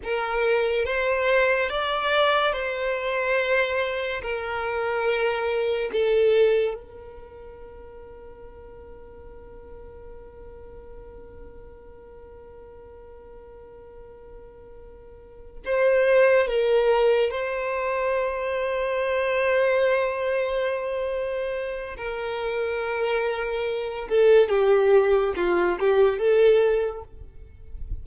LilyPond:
\new Staff \with { instrumentName = "violin" } { \time 4/4 \tempo 4 = 71 ais'4 c''4 d''4 c''4~ | c''4 ais'2 a'4 | ais'1~ | ais'1~ |
ais'2~ ais'8 c''4 ais'8~ | ais'8 c''2.~ c''8~ | c''2 ais'2~ | ais'8 a'8 g'4 f'8 g'8 a'4 | }